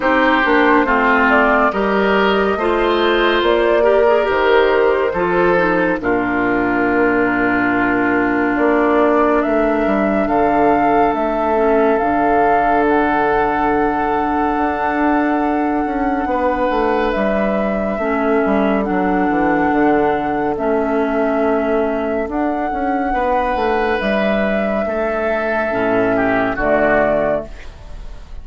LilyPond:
<<
  \new Staff \with { instrumentName = "flute" } { \time 4/4 \tempo 4 = 70 c''4. d''8 dis''2 | d''4 c''2 ais'4~ | ais'2 d''4 e''4 | f''4 e''4 f''4 fis''4~ |
fis''1 | e''2 fis''2 | e''2 fis''2 | e''2. d''4 | }
  \new Staff \with { instrumentName = "oboe" } { \time 4/4 g'4 f'4 ais'4 c''4~ | c''8 ais'4. a'4 f'4~ | f'2. ais'4 | a'1~ |
a'2. b'4~ | b'4 a'2.~ | a'2. b'4~ | b'4 a'4. g'8 fis'4 | }
  \new Staff \with { instrumentName = "clarinet" } { \time 4/4 dis'8 d'8 c'4 g'4 f'4~ | f'8 g'16 gis'16 g'4 f'8 dis'8 d'4~ | d'1~ | d'4. cis'8 d'2~ |
d'1~ | d'4 cis'4 d'2 | cis'2 d'2~ | d'2 cis'4 a4 | }
  \new Staff \with { instrumentName = "bassoon" } { \time 4/4 c'8 ais8 a4 g4 a4 | ais4 dis4 f4 ais,4~ | ais,2 ais4 a8 g8 | d4 a4 d2~ |
d4 d'4. cis'8 b8 a8 | g4 a8 g8 fis8 e8 d4 | a2 d'8 cis'8 b8 a8 | g4 a4 a,4 d4 | }
>>